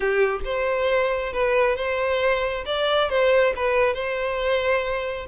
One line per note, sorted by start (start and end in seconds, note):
0.00 0.40 G4
0.44 1.32 C5
1.32 1.76 B4
1.76 2.64 C5
2.65 3.09 D5
3.09 3.53 C5
3.56 3.94 B4
3.94 5.26 C5